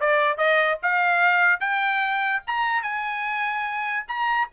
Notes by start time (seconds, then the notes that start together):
0.00 D5
0.37 D#5
0.82 F5
1.60 G5
2.47 A#5
2.82 G#5
4.08 A#5